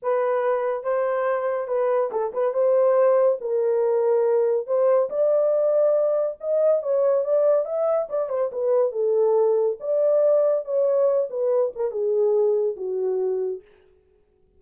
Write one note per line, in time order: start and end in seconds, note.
0.02 0.83 B4
0.83 1.67 C5
1.67 2.10 B4
2.11 2.32 A4
2.33 2.53 B4
2.53 3.38 C5
3.40 4.66 A#4
4.66 5.09 C5
5.09 6.37 D5
6.40 6.82 D#5
6.82 7.24 C#5
7.24 7.65 D5
7.65 8.07 E5
8.09 8.29 D5
8.29 8.50 C5
8.51 8.92 B4
8.92 9.77 A4
9.79 10.64 D5
10.64 11.28 C#5
11.30 11.72 B4
11.75 11.91 A#4
11.91 12.76 G#4
12.76 13.61 F#4